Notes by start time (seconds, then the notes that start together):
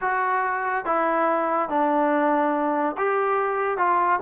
0.01 F#4
0.85 E4
1.69 D4
2.97 G4
3.77 F4